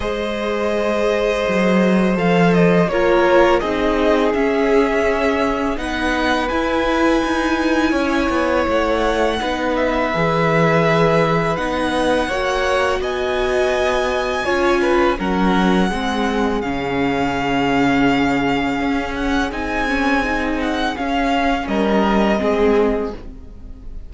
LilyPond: <<
  \new Staff \with { instrumentName = "violin" } { \time 4/4 \tempo 4 = 83 dis''2. f''8 dis''8 | cis''4 dis''4 e''2 | fis''4 gis''2. | fis''4. e''2~ e''8 |
fis''2 gis''2~ | gis''4 fis''2 f''4~ | f''2~ f''8 fis''8 gis''4~ | gis''8 fis''8 f''4 dis''2 | }
  \new Staff \with { instrumentName = "violin" } { \time 4/4 c''1 | ais'4 gis'2. | b'2. cis''4~ | cis''4 b'2.~ |
b'4 cis''4 dis''2 | cis''8 b'8 ais'4 gis'2~ | gis'1~ | gis'2 ais'4 gis'4 | }
  \new Staff \with { instrumentName = "viola" } { \time 4/4 gis'2. a'4 | f'4 dis'4 cis'2 | dis'4 e'2.~ | e'4 dis'4 gis'2 |
dis'4 fis'2. | f'4 cis'4 c'4 cis'4~ | cis'2. dis'8 cis'8 | dis'4 cis'2 c'4 | }
  \new Staff \with { instrumentName = "cello" } { \time 4/4 gis2 fis4 f4 | ais4 c'4 cis'2 | b4 e'4 dis'4 cis'8 b8 | a4 b4 e2 |
b4 ais4 b2 | cis'4 fis4 gis4 cis4~ | cis2 cis'4 c'4~ | c'4 cis'4 g4 gis4 | }
>>